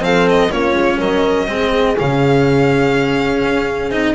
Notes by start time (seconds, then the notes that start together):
0.00 F3 C4 A4 F5
0.29 D#5
0.51 A#3 C#4 F4 C#5
0.74 G#3
1.00 F#3 A#4 D#5
1.48 G#3 C4 G#4
1.98 C#3 C#4 F5
3.43 C#4
3.90 C4 D#4 D#5